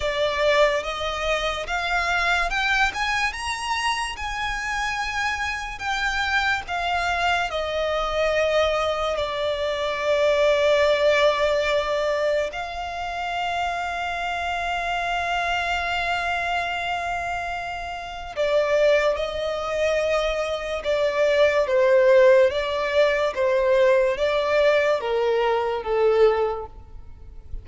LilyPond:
\new Staff \with { instrumentName = "violin" } { \time 4/4 \tempo 4 = 72 d''4 dis''4 f''4 g''8 gis''8 | ais''4 gis''2 g''4 | f''4 dis''2 d''4~ | d''2. f''4~ |
f''1~ | f''2 d''4 dis''4~ | dis''4 d''4 c''4 d''4 | c''4 d''4 ais'4 a'4 | }